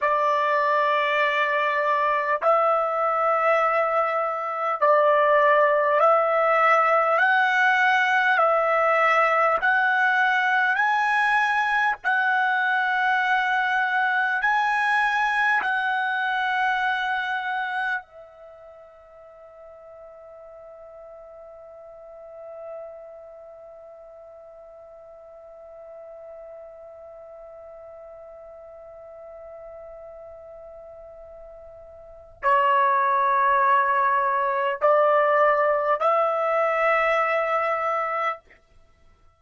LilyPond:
\new Staff \with { instrumentName = "trumpet" } { \time 4/4 \tempo 4 = 50 d''2 e''2 | d''4 e''4 fis''4 e''4 | fis''4 gis''4 fis''2 | gis''4 fis''2 e''4~ |
e''1~ | e''1~ | e''2. cis''4~ | cis''4 d''4 e''2 | }